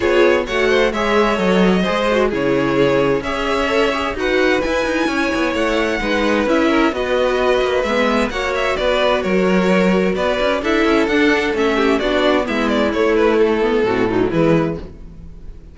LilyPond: <<
  \new Staff \with { instrumentName = "violin" } { \time 4/4 \tempo 4 = 130 cis''4 fis''4 e''4 dis''4~ | dis''4 cis''2 e''4~ | e''4 fis''4 gis''2 | fis''2 e''4 dis''4~ |
dis''4 e''4 fis''8 e''8 d''4 | cis''2 d''4 e''4 | fis''4 e''4 d''4 e''8 d''8 | cis''8 b'8 a'2 b'4 | }
  \new Staff \with { instrumentName = "violin" } { \time 4/4 gis'4 cis''8 c''8 cis''2 | c''4 gis'2 cis''4~ | cis''4 b'2 cis''4~ | cis''4 b'4. ais'8 b'4~ |
b'2 cis''4 b'4 | ais'2 b'4 a'4~ | a'4. g'8 fis'4 e'4~ | e'2 fis'8 dis'8 e'4 | }
  \new Staff \with { instrumentName = "viola" } { \time 4/4 f'4 fis'4 gis'4 a'4 | gis'8 fis'8 e'2 gis'4 | a'8 gis'8 fis'4 e'2~ | e'4 dis'4 e'4 fis'4~ |
fis'4 b4 fis'2~ | fis'2. e'4 | d'4 cis'4 d'4 b4 | a4. b8 c'8 fis8 gis4 | }
  \new Staff \with { instrumentName = "cello" } { \time 4/4 b4 a4 gis4 fis4 | gis4 cis2 cis'4~ | cis'4 dis'4 e'8 dis'8 cis'8 b8 | a4 gis4 cis'4 b4~ |
b8 ais8 gis4 ais4 b4 | fis2 b8 cis'8 d'8 cis'8 | d'4 a4 b4 gis4 | a2 a,4 e4 | }
>>